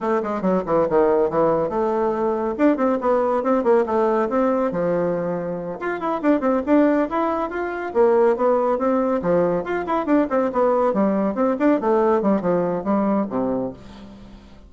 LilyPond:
\new Staff \with { instrumentName = "bassoon" } { \time 4/4 \tempo 4 = 140 a8 gis8 fis8 e8 dis4 e4 | a2 d'8 c'8 b4 | c'8 ais8 a4 c'4 f4~ | f4. f'8 e'8 d'8 c'8 d'8~ |
d'8 e'4 f'4 ais4 b8~ | b8 c'4 f4 f'8 e'8 d'8 | c'8 b4 g4 c'8 d'8 a8~ | a8 g8 f4 g4 c4 | }